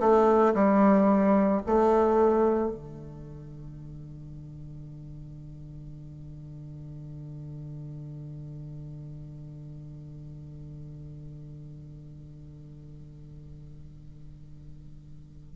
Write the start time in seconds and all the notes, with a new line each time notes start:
0.00 A3
0.55 G3
1.67 A3
2.72 D3